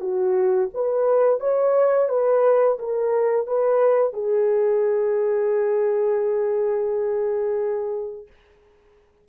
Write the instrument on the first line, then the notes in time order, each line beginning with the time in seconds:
horn
0.00 F#4
0.74 B4
1.40 C#5
2.09 B4
2.79 A#4
3.46 B4
4.13 G#4